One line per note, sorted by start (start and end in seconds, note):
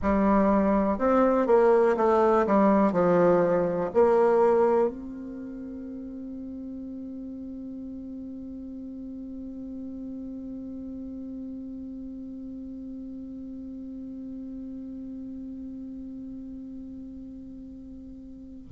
0.01 0.98 G3
0.98 1.47 C4
1.47 1.96 A#3
1.97 2.46 A3
2.46 2.92 G3
2.92 3.90 F3
3.93 4.88 A#3
4.88 18.65 C4